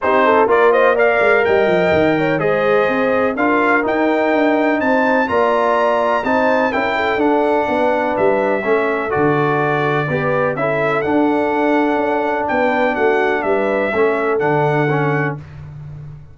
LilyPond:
<<
  \new Staff \with { instrumentName = "trumpet" } { \time 4/4 \tempo 4 = 125 c''4 d''8 dis''8 f''4 g''4~ | g''4 dis''2 f''4 | g''2 a''4 ais''4~ | ais''4 a''4 g''4 fis''4~ |
fis''4 e''2 d''4~ | d''2 e''4 fis''4~ | fis''2 g''4 fis''4 | e''2 fis''2 | }
  \new Staff \with { instrumentName = "horn" } { \time 4/4 g'8 a'8 ais'8 c''8 d''4 dis''4~ | dis''8 cis''8 c''2 ais'4~ | ais'2 c''4 d''4~ | d''4 c''4 ais'8 a'4. |
b'2 a'2~ | a'4 b'4 a'2~ | a'2 b'4 fis'4 | b'4 a'2. | }
  \new Staff \with { instrumentName = "trombone" } { \time 4/4 dis'4 f'4 ais'2~ | ais'4 gis'2 f'4 | dis'2. f'4~ | f'4 dis'4 e'4 d'4~ |
d'2 cis'4 fis'4~ | fis'4 g'4 e'4 d'4~ | d'1~ | d'4 cis'4 d'4 cis'4 | }
  \new Staff \with { instrumentName = "tuba" } { \time 4/4 c'4 ais4. gis8 g8 f8 | dis4 gis4 c'4 d'4 | dis'4 d'4 c'4 ais4~ | ais4 c'4 cis'4 d'4 |
b4 g4 a4 d4~ | d4 b4 cis'4 d'4~ | d'4 cis'4 b4 a4 | g4 a4 d2 | }
>>